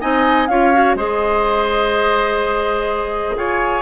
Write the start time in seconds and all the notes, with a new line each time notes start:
0.00 C4 D#4 D#5 G#5
0.47 C#4 F4 C#5 F5
0.73 F#4
0.95 G#3 G#4 C5 D#5
3.36 F4 C#5 G#5